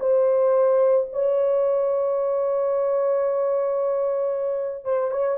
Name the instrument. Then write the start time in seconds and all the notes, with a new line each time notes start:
horn
0.00 C5
1.12 C#5
4.85 C5
5.11 C#5